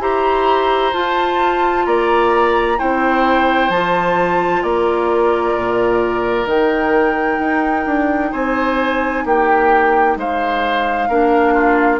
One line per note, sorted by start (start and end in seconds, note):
0.00 0.92 E4
0.00 0.93 G4
0.00 1.86 C5
0.00 0.94 A#5
0.93 2.77 F4
0.93 1.86 F4
0.93 1.86 A5
1.86 2.79 A#3
1.86 2.78 D5
1.86 2.79 A#5
2.78 3.70 C4
2.78 3.70 E4
2.78 4.63 C5
2.78 3.70 G5
3.70 4.62 F3
3.70 6.48 F4
3.70 4.63 A5
4.63 5.55 A#3
4.63 8.32 A#4
4.63 6.47 D5
5.56 6.46 A#2
6.46 7.38 D#3
6.46 11.09 D#4
6.46 8.33 G5
7.39 7.85 D#4
7.86 8.32 D4
8.32 9.25 C4
8.32 9.24 C5
8.32 9.25 G#5
9.25 10.17 A#3
9.25 10.18 G4
9.25 10.18 G5
10.17 11.09 G#3
10.17 11.09 C5
10.17 12.00 F5
11.09 12.00 A#3
11.09 12.00 D4
11.09 11.53 A#4
11.53 12.00 F4